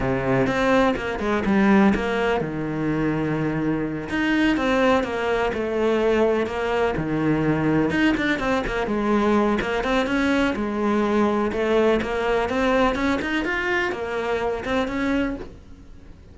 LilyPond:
\new Staff \with { instrumentName = "cello" } { \time 4/4 \tempo 4 = 125 c4 c'4 ais8 gis8 g4 | ais4 dis2.~ | dis8 dis'4 c'4 ais4 a8~ | a4. ais4 dis4.~ |
dis8 dis'8 d'8 c'8 ais8 gis4. | ais8 c'8 cis'4 gis2 | a4 ais4 c'4 cis'8 dis'8 | f'4 ais4. c'8 cis'4 | }